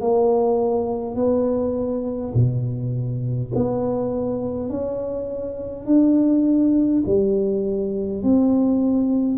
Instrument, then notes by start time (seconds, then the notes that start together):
tuba
0.00 A#3
1.15 B3
2.34 B2
3.55 B3
4.69 C#4
5.86 D4
7.06 G3
8.22 C4